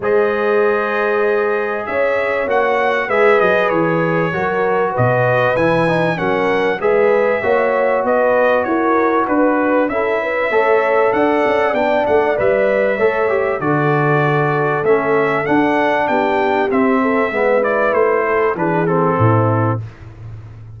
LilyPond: <<
  \new Staff \with { instrumentName = "trumpet" } { \time 4/4 \tempo 4 = 97 dis''2. e''4 | fis''4 e''8 dis''8 cis''2 | dis''4 gis''4 fis''4 e''4~ | e''4 dis''4 cis''4 b'4 |
e''2 fis''4 g''8 fis''8 | e''2 d''2 | e''4 fis''4 g''4 e''4~ | e''8 d''8 c''4 b'8 a'4. | }
  \new Staff \with { instrumentName = "horn" } { \time 4/4 c''2. cis''4~ | cis''4 b'2 ais'4 | b'2 ais'4 b'4 | cis''4 b'4 ais'4 b'4 |
a'8 b'8 cis''4 d''2~ | d''4 cis''4 a'2~ | a'2 g'4. a'8 | b'4. a'8 gis'4 e'4 | }
  \new Staff \with { instrumentName = "trombone" } { \time 4/4 gis'1 | fis'4 gis'2 fis'4~ | fis'4 e'8 dis'8 cis'4 gis'4 | fis'1 |
e'4 a'2 d'4 | b'4 a'8 g'8 fis'2 | cis'4 d'2 c'4 | b8 e'4. d'8 c'4. | }
  \new Staff \with { instrumentName = "tuba" } { \time 4/4 gis2. cis'4 | ais4 gis8 fis8 e4 fis4 | b,4 e4 fis4 gis4 | ais4 b4 e'4 d'4 |
cis'4 a4 d'8 cis'8 b8 a8 | g4 a4 d2 | a4 d'4 b4 c'4 | gis4 a4 e4 a,4 | }
>>